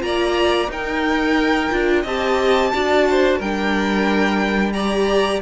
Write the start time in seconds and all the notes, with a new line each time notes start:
0.00 A#3 F4 D5 A#5
0.68 D#4 A#4 G5
1.71 D4 F4
2.03 C4 G4 D#5 A5
2.73 D4 F#4 D5
3.10 C5
3.38 G3 D4 A#4 G5
4.72 G4 D5 A#5